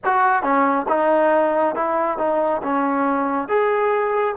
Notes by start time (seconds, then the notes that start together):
0.04 F#4
0.42 C#4
0.88 D#4
1.75 E4
2.18 D#4
2.62 C#4
3.48 G#4